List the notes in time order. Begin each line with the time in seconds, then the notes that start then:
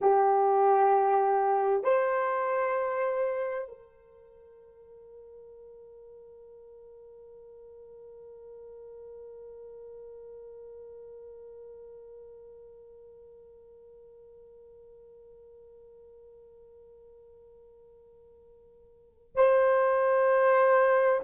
0.01 G4
1.83 C5
3.68 A#4
19.35 C5